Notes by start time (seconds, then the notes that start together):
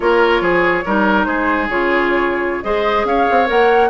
0.00 A#3 F4 A#4 C#5
0.40 F3 G#4
0.85 G3 D#4 A#4
1.24 G#3 G#4 C5
1.69 C#3 F4 C#5
2.63 G#3 G#4 C5 D#5
3.04 C#4 C#5 F5
3.30 C4
3.46 A#3 A#4 F#5